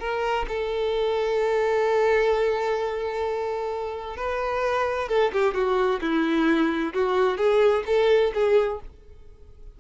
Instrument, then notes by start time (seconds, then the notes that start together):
violin
0.00 A#4
0.48 A4
4.17 B4
5.09 A4
5.33 G4
5.54 F#4
6.01 E4
6.94 F#4
7.38 G#4
7.86 A4
8.34 G#4